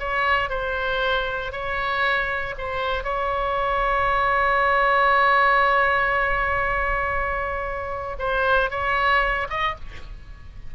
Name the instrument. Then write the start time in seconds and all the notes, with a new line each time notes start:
oboe
0.00 C#5
0.50 C5
1.52 C#5
2.58 C5
3.04 C#5
8.19 C5
8.71 C#5
9.50 D#5